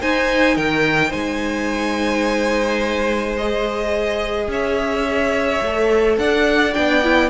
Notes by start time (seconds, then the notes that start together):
0.00 D#4 C5 G#5
0.55 D#3 A#4 G5
1.09 G#3 C5 G#5
3.37 G#4 D#5
4.48 C#4 C#5 E5
5.62 A3 A4
6.18 D4 D5 F#5
6.74 B3 D4 G5
7.03 E4